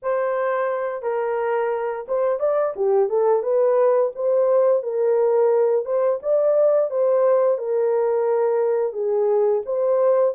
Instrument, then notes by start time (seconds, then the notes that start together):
horn
0.02 C5
1.02 A#4
2.08 C5
2.39 D5
2.76 G4
3.09 A4
3.42 B4
4.15 C5
4.82 A#4
5.85 C5
6.22 D5
6.90 C5
7.57 A#4
8.92 G#4
9.66 C5